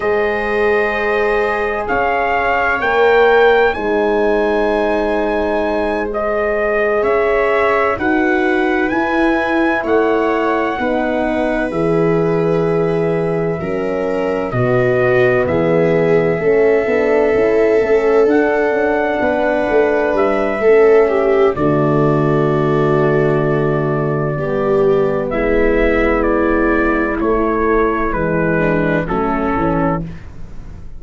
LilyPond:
<<
  \new Staff \with { instrumentName = "trumpet" } { \time 4/4 \tempo 4 = 64 dis''2 f''4 g''4 | gis''2~ gis''8 dis''4 e''8~ | e''8 fis''4 gis''4 fis''4.~ | fis''8 e''2. dis''8~ |
dis''8 e''2. fis''8~ | fis''4. e''4. d''4~ | d''2. e''4 | d''4 cis''4 b'4 a'4 | }
  \new Staff \with { instrumentName = "viola" } { \time 4/4 c''2 cis''2 | c''2.~ c''8 cis''8~ | cis''8 b'2 cis''4 b'8~ | b'2~ b'8 ais'4 fis'8~ |
fis'8 gis'4 a'2~ a'8~ | a'8 b'4. a'8 g'8 fis'4~ | fis'2 g'4 e'4~ | e'2~ e'8 d'8 cis'4 | }
  \new Staff \with { instrumentName = "horn" } { \time 4/4 gis'2. ais'4 | dis'2~ dis'8 gis'4.~ | gis'8 fis'4 e'2 dis'8~ | dis'8 gis'2 cis'4 b8~ |
b4. cis'8 d'8 e'8 cis'8 d'8~ | d'2 cis'4 a4~ | a2 b2~ | b4 a4 gis4 a8 cis'8 | }
  \new Staff \with { instrumentName = "tuba" } { \time 4/4 gis2 cis'4 ais4 | gis2.~ gis8 cis'8~ | cis'8 dis'4 e'4 a4 b8~ | b8 e2 fis4 b,8~ |
b,8 e4 a8 b8 cis'8 a8 d'8 | cis'8 b8 a8 g8 a4 d4~ | d2 g4 gis4~ | gis4 a4 e4 fis8 e8 | }
>>